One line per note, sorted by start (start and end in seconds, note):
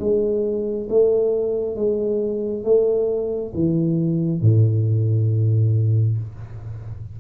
0.00 0.88 G#3
0.90 1.76 A3
1.76 2.64 G#3
2.64 3.53 A3
3.55 4.42 E3
4.42 6.18 A2